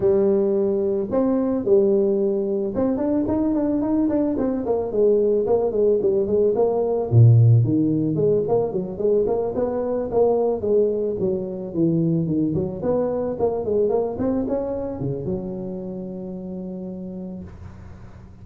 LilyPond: \new Staff \with { instrumentName = "tuba" } { \time 4/4 \tempo 4 = 110 g2 c'4 g4~ | g4 c'8 d'8 dis'8 d'8 dis'8 d'8 | c'8 ais8 gis4 ais8 gis8 g8 gis8 | ais4 ais,4 dis4 gis8 ais8 |
fis8 gis8 ais8 b4 ais4 gis8~ | gis8 fis4 e4 dis8 fis8 b8~ | b8 ais8 gis8 ais8 c'8 cis'4 cis8 | fis1 | }